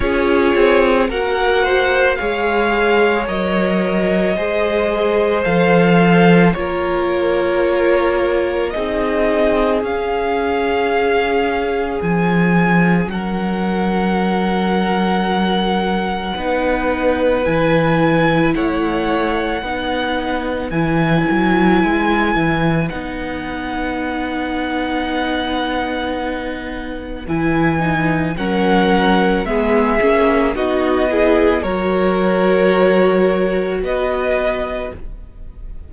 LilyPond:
<<
  \new Staff \with { instrumentName = "violin" } { \time 4/4 \tempo 4 = 55 cis''4 fis''4 f''4 dis''4~ | dis''4 f''4 cis''2 | dis''4 f''2 gis''4 | fis''1 |
gis''4 fis''2 gis''4~ | gis''4 fis''2.~ | fis''4 gis''4 fis''4 e''4 | dis''4 cis''2 dis''4 | }
  \new Staff \with { instrumentName = "violin" } { \time 4/4 gis'4 ais'8 c''8 cis''2 | c''2 ais'2 | gis'1 | ais'2. b'4~ |
b'4 cis''4 b'2~ | b'1~ | b'2 ais'4 gis'4 | fis'8 gis'8 ais'2 b'4 | }
  \new Staff \with { instrumentName = "viola" } { \time 4/4 f'4 fis'4 gis'4 ais'4 | gis'4 a'4 f'2 | dis'4 cis'2.~ | cis'2. dis'4 |
e'2 dis'4 e'4~ | e'4 dis'2.~ | dis'4 e'8 dis'8 cis'4 b8 cis'8 | dis'8 e'8 fis'2. | }
  \new Staff \with { instrumentName = "cello" } { \time 4/4 cis'8 c'8 ais4 gis4 fis4 | gis4 f4 ais2 | c'4 cis'2 f4 | fis2. b4 |
e4 a4 b4 e8 fis8 | gis8 e8 b2.~ | b4 e4 fis4 gis8 ais8 | b4 fis2 b4 | }
>>